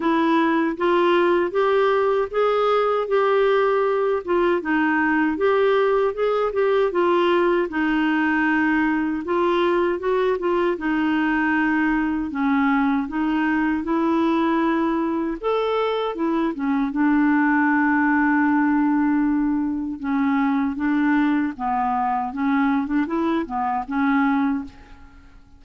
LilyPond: \new Staff \with { instrumentName = "clarinet" } { \time 4/4 \tempo 4 = 78 e'4 f'4 g'4 gis'4 | g'4. f'8 dis'4 g'4 | gis'8 g'8 f'4 dis'2 | f'4 fis'8 f'8 dis'2 |
cis'4 dis'4 e'2 | a'4 e'8 cis'8 d'2~ | d'2 cis'4 d'4 | b4 cis'8. d'16 e'8 b8 cis'4 | }